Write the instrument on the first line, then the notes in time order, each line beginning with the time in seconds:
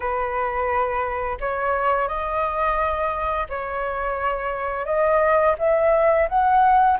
flute
0.00 B4
1.40 C#5
2.07 D#5
3.49 C#5
4.85 D#5
5.58 E5
6.28 F#5